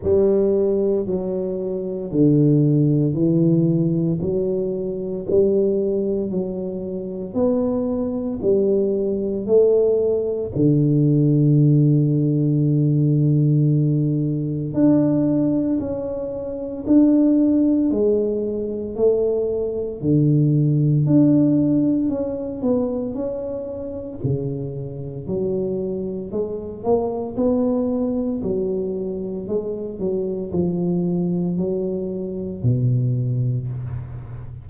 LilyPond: \new Staff \with { instrumentName = "tuba" } { \time 4/4 \tempo 4 = 57 g4 fis4 d4 e4 | fis4 g4 fis4 b4 | g4 a4 d2~ | d2 d'4 cis'4 |
d'4 gis4 a4 d4 | d'4 cis'8 b8 cis'4 cis4 | fis4 gis8 ais8 b4 fis4 | gis8 fis8 f4 fis4 b,4 | }